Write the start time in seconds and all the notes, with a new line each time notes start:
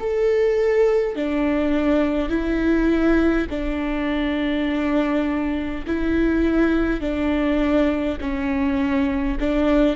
0.00 A4
1.16 D4
2.29 E4
3.50 D4
5.87 E4
7.01 D4
8.21 C#4
9.40 D4